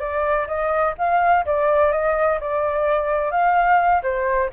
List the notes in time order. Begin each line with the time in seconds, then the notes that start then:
0.00 D5
0.48 D#5
0.99 F5
1.46 D5
1.92 D#5
2.41 D5
3.32 F5
4.03 C5